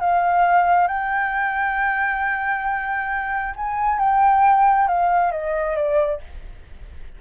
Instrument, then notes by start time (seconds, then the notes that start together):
flute
0.00 F5
0.87 G5
3.56 G#5
3.99 G5
4.87 F5
5.32 D#5
5.76 D5